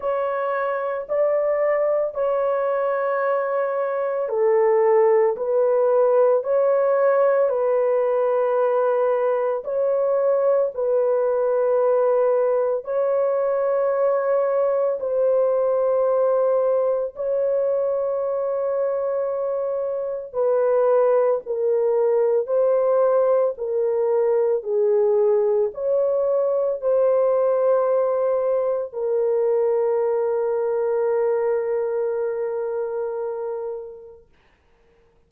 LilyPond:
\new Staff \with { instrumentName = "horn" } { \time 4/4 \tempo 4 = 56 cis''4 d''4 cis''2 | a'4 b'4 cis''4 b'4~ | b'4 cis''4 b'2 | cis''2 c''2 |
cis''2. b'4 | ais'4 c''4 ais'4 gis'4 | cis''4 c''2 ais'4~ | ais'1 | }